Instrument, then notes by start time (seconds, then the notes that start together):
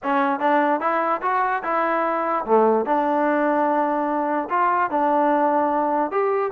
trombone
0.03 C#4
0.39 D4
0.80 E4
1.22 F#4
1.63 E4
2.45 A3
2.85 D4
4.49 F4
4.90 D4
6.11 G4